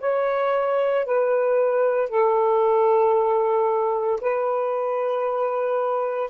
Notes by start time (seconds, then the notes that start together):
0.00 C#5
1.05 B4
2.09 A4
4.21 B4